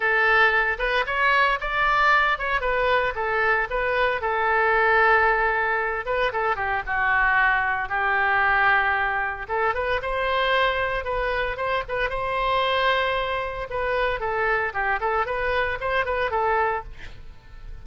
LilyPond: \new Staff \with { instrumentName = "oboe" } { \time 4/4 \tempo 4 = 114 a'4. b'8 cis''4 d''4~ | d''8 cis''8 b'4 a'4 b'4 | a'2.~ a'8 b'8 | a'8 g'8 fis'2 g'4~ |
g'2 a'8 b'8 c''4~ | c''4 b'4 c''8 b'8 c''4~ | c''2 b'4 a'4 | g'8 a'8 b'4 c''8 b'8 a'4 | }